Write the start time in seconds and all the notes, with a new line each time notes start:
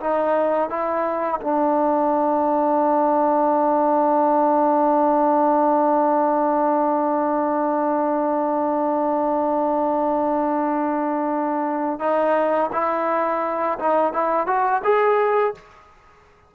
0.00 D#4
0.70 E4
1.41 D4
12.00 D#4
12.73 E4
13.79 D#4
14.13 E4
14.47 F#4
14.84 G#4